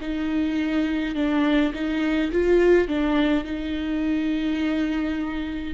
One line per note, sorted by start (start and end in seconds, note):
0.00 1.15 D#4
1.15 1.73 D4
1.74 2.31 D#4
2.31 2.87 F4
2.87 3.44 D4
3.44 5.74 D#4